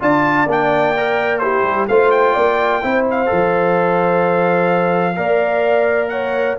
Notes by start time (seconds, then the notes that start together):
0.00 D4 F4 D5 A5
0.46 A#3 D4 G5
0.97 A#4
1.39 E4 G4 C5
1.63 G3
1.88 A3 F4 C5 F5
2.11 G5
2.33 A#3 D5
2.82 C4 E4 C5
3.10 F5
3.26 F3 A4
5.16 A#3 A#4 D5
6.09 C#5 F#5